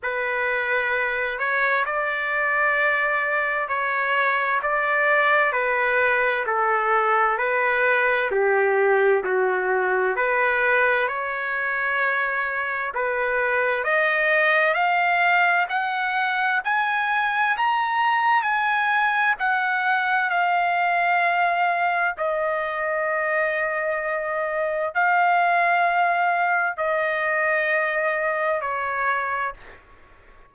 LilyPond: \new Staff \with { instrumentName = "trumpet" } { \time 4/4 \tempo 4 = 65 b'4. cis''8 d''2 | cis''4 d''4 b'4 a'4 | b'4 g'4 fis'4 b'4 | cis''2 b'4 dis''4 |
f''4 fis''4 gis''4 ais''4 | gis''4 fis''4 f''2 | dis''2. f''4~ | f''4 dis''2 cis''4 | }